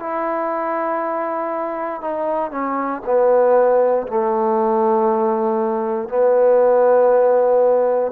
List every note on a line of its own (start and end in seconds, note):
0.00 2.02 E4
2.02 2.51 D#4
2.51 3.02 C#4
3.06 4.08 B3
4.08 6.09 A3
6.09 8.12 B3